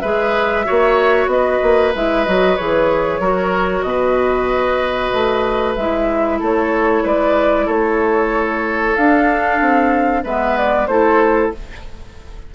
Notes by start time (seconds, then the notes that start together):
0.00 G#3 G#4 B4 E5
0.65 A#3 F#4 C#5
1.27 B3 D#5
1.33 B4
1.63 A#3
1.95 G#3 E4 E5
2.25 F#3 F#4 D#5
2.57 E3 G#4 C#5
3.20 F#3 F#4 A#4
3.82 B2 B4 D#5
5.13 A3
5.75 G#3 E4 E5
6.39 A3 A4 C#5
7.03 G#3 B4 D5
7.66 A3 A4 C#5
8.96 D4 F5
9.61 C4
10.24 G#3 B3 B4 E5
10.58 D5
10.87 A3 E4 A4 C5